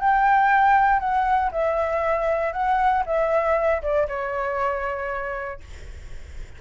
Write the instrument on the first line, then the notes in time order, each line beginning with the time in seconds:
flute
0.00 G5
0.99 F#5
1.51 E5
2.53 F#5
3.06 E5
3.82 D5
4.08 C#5